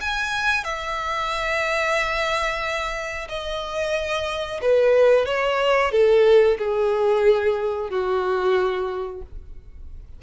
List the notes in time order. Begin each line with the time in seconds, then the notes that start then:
0.00 G#5
0.64 E5
3.28 D#5
4.61 B4
5.25 C#5
5.91 A4
6.58 G#4
7.90 F#4